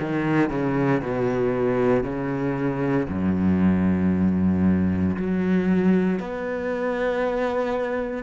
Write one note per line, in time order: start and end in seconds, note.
0.00 0.50 D#3
0.50 1.02 C#3
1.03 2.04 B2
2.04 3.07 C#3
3.09 5.16 F#2
5.17 6.19 F#3
6.19 8.23 B3